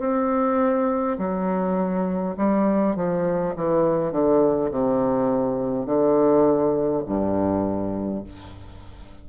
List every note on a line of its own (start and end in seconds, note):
0.00 1.18 C4
1.19 2.36 F#3
2.37 2.96 G3
2.96 3.55 F3
3.57 4.12 E3
4.12 4.71 D3
4.72 5.86 C3
5.86 7.04 D3
7.07 8.25 G2